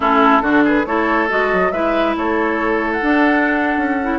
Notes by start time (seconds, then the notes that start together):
0.00 A3 C#4 E4 A4
0.41 D3 D4 F#4
0.64 G#4 B4
0.86 A3 E4 A4 C#5
1.29 G#3 F#4 D#5
1.53 F#3
1.71 G#3 E4 B4 E5
2.16 A3 A4 C#5
2.92 F#5
3.01 D4
3.76 C#4
4.02 E4